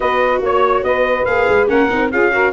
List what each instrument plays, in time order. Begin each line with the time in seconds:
0.00 tuba B3, viola F#4, saxophone B4, trumpet D#5
0.41 tuba A#3, saxophone C#5, trumpet C#5
0.83 tuba B3, saxophone B4, trumpet D#5
1.25 tuba A#3, viola G#4, trumpet F5
1.48 tuba G#3
1.68 tuba A#3, viola C#4, saxophone A#4, trumpet F#5
1.90 tuba C4, viola D#4
2.11 tuba C#4, viola F4, saxophone G#4, trumpet F5
2.32 viola F#4, saxophone A#4